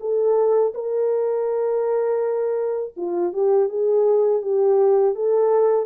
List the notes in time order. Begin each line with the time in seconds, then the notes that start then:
0.00 A4
0.74 A#4
2.96 F4
3.33 G4
3.69 G#4
4.42 G4
5.15 A4